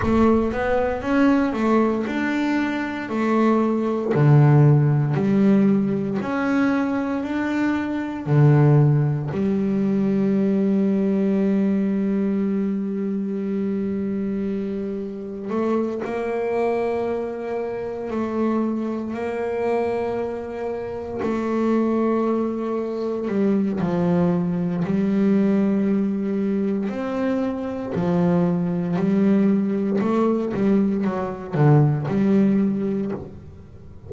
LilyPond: \new Staff \with { instrumentName = "double bass" } { \time 4/4 \tempo 4 = 58 a8 b8 cis'8 a8 d'4 a4 | d4 g4 cis'4 d'4 | d4 g2.~ | g2. a8 ais8~ |
ais4. a4 ais4.~ | ais8 a2 g8 f4 | g2 c'4 f4 | g4 a8 g8 fis8 d8 g4 | }